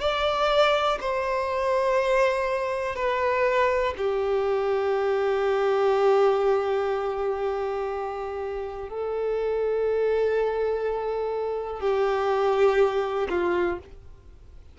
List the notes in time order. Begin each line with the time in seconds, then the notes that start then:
0.00 D5
1.00 C5
2.95 B4
3.97 G4
8.89 A4
11.80 G4
13.30 F4